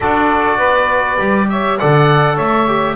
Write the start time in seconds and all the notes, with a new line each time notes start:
0.00 D4 F#4 A4 D5
0.57 B3 B4
1.19 G3 G4
1.49 C#5 E5
1.78 D3 A4 D5 F#5
2.34 A3 C#5 E5
2.67 G4